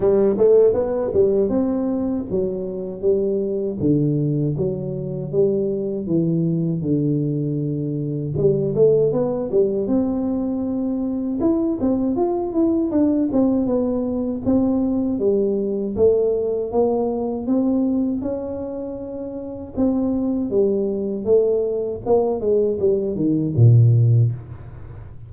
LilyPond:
\new Staff \with { instrumentName = "tuba" } { \time 4/4 \tempo 4 = 79 g8 a8 b8 g8 c'4 fis4 | g4 d4 fis4 g4 | e4 d2 g8 a8 | b8 g8 c'2 e'8 c'8 |
f'8 e'8 d'8 c'8 b4 c'4 | g4 a4 ais4 c'4 | cis'2 c'4 g4 | a4 ais8 gis8 g8 dis8 ais,4 | }